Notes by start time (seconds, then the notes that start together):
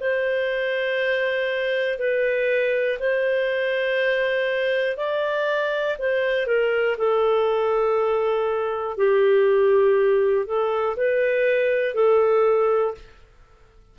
0.00 C5
1.99 B4
3.00 C5
4.97 D5
5.99 C5
6.47 A#4
6.98 A4
8.97 G4
10.46 A4
10.96 B4
11.95 A4